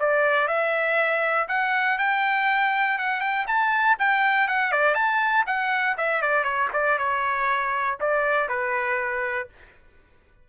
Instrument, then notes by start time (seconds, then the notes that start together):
trumpet
0.00 D5
0.48 E5
1.49 F#5
1.99 G5
2.99 F#5
3.21 G5
3.47 A5
3.99 G5
4.48 F#5
4.72 D5
4.95 A5
5.47 F#5
5.98 E5
6.22 D5
6.44 C#5
6.73 D5
6.98 C#5
8.01 D5
8.49 B4